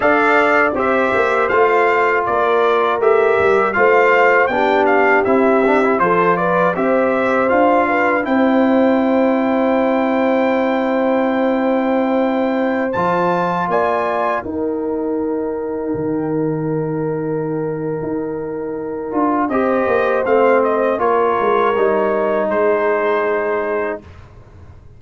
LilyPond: <<
  \new Staff \with { instrumentName = "trumpet" } { \time 4/4 \tempo 4 = 80 f''4 e''4 f''4 d''4 | e''4 f''4 g''8 f''8 e''4 | c''8 d''8 e''4 f''4 g''4~ | g''1~ |
g''4~ g''16 a''4 gis''4 g''8.~ | g''1~ | g''2 dis''4 f''8 dis''8 | cis''2 c''2 | }
  \new Staff \with { instrumentName = "horn" } { \time 4/4 d''4 c''2 ais'4~ | ais'4 c''4 g'2 | a'8 b'8 c''4. b'8 c''4~ | c''1~ |
c''2~ c''16 d''4 ais'8.~ | ais'1~ | ais'2 c''2 | ais'2 gis'2 | }
  \new Staff \with { instrumentName = "trombone" } { \time 4/4 a'4 g'4 f'2 | g'4 f'4 d'4 e'8 d'16 e'16 | f'4 g'4 f'4 e'4~ | e'1~ |
e'4~ e'16 f'2 dis'8.~ | dis'1~ | dis'4. f'8 g'4 c'4 | f'4 dis'2. | }
  \new Staff \with { instrumentName = "tuba" } { \time 4/4 d'4 c'8 ais8 a4 ais4 | a8 g8 a4 b4 c'4 | f4 c'4 d'4 c'4~ | c'1~ |
c'4~ c'16 f4 ais4 dis'8.~ | dis'4~ dis'16 dis2~ dis8. | dis'4. d'8 c'8 ais8 a4 | ais8 gis8 g4 gis2 | }
>>